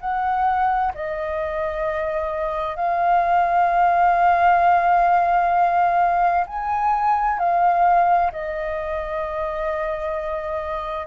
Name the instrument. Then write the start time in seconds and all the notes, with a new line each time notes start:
flute
0.00 F#5
0.94 D#5
2.76 F5
6.46 G#5
7.38 F5
8.32 D#5